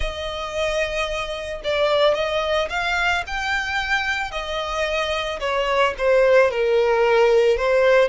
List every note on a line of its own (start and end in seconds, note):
0.00 1.61 D#5
1.64 2.14 D5
2.14 2.68 D#5
2.69 3.23 F5
3.27 4.31 G5
4.31 5.39 D#5
5.40 5.94 C#5
5.98 6.51 C5
6.51 7.57 A#4
7.57 8.08 C5